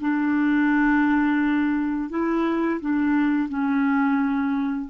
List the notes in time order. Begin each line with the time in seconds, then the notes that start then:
0.00 D4
2.10 E4
2.80 D4
3.49 C#4